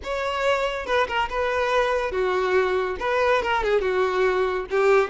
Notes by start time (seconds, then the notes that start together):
0.03 C#5
0.85 B4
1.07 A#4
1.29 B4
2.11 F#4
2.99 B4
3.42 A#4
3.63 G#4
3.81 F#4
4.70 G4